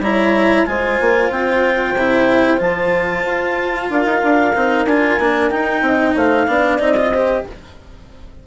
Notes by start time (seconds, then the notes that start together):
0.00 G3 E4 C#5 A#5
0.66 G#3 F4 C5 G#5
1.01 A#3
1.31 C4 G5
1.95 C3 E4
2.58 F3 F4 A5
3.27 F4
3.90 D4 A#4 F5
4.06 D#4
4.24 D4
4.56 C4 D#4
4.85 D4 F4 G#5
5.20 A#3 D4
5.50 D#4 G5
5.82 C4 D#5
6.16 A3 C5 F5
6.48 B3 D4 D5
6.79 C4 D#4 D#5
6.97 F4
7.13 G4 C5